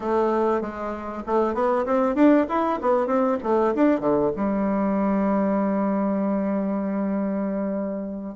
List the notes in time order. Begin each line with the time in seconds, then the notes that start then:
0.00 A3
0.61 G#3
1.26 A3
1.54 B3
1.85 C4
2.15 D4
2.48 E4
2.81 B3
3.06 C4
3.43 A3
3.74 D4
4.00 D3
4.36 G3